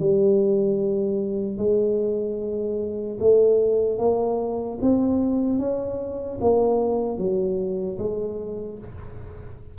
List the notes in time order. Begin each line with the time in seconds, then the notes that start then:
0.00 G3
1.58 G#3
3.20 A3
3.99 A#3
4.81 C4
5.59 C#4
6.41 A#3
7.18 F#3
7.99 G#3